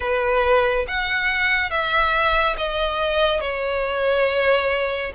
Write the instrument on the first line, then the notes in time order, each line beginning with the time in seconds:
violin
0.00 B4
0.87 F#5
1.70 E5
2.57 D#5
3.41 C#5